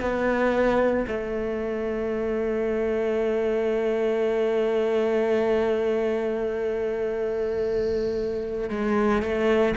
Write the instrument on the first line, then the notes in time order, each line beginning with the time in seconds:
cello
0.00 B3
1.07 A3
8.69 G#3
9.22 A3